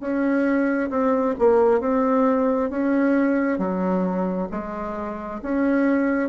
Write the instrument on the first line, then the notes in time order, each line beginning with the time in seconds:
bassoon
0.00 C#4
0.90 C4
1.38 A#3
1.80 C4
2.70 C#4
3.58 F#3
4.51 G#3
5.42 C#4